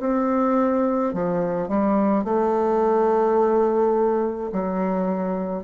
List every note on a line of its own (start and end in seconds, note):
0.00 1.13 C4
1.14 1.68 F3
1.68 2.24 G3
2.24 4.51 A3
4.52 5.63 F#3